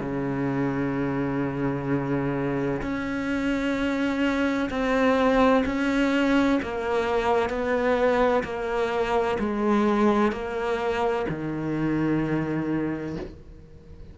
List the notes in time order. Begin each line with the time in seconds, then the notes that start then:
0.00 C#3
2.82 C#4
4.70 C4
5.66 C#4
6.63 A#3
7.50 B3
8.44 A#3
9.39 G#3
10.32 A#3
11.29 D#3